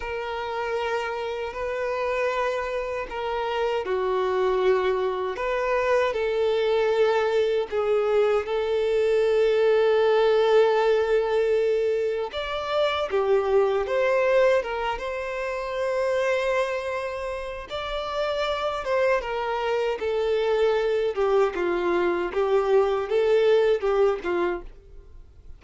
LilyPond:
\new Staff \with { instrumentName = "violin" } { \time 4/4 \tempo 4 = 78 ais'2 b'2 | ais'4 fis'2 b'4 | a'2 gis'4 a'4~ | a'1 |
d''4 g'4 c''4 ais'8 c''8~ | c''2. d''4~ | d''8 c''8 ais'4 a'4. g'8 | f'4 g'4 a'4 g'8 f'8 | }